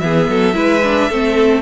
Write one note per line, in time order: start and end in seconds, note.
0.00 0.28 E3
0.00 0.54 B3
0.00 0.30 G#4
0.00 1.62 E5
0.29 0.55 F#3
0.29 0.56 A4
0.54 1.09 G#3
0.54 0.81 E4
0.54 1.10 B4
0.84 1.11 D4
1.10 1.62 A3
1.10 1.62 C4
1.10 1.62 A4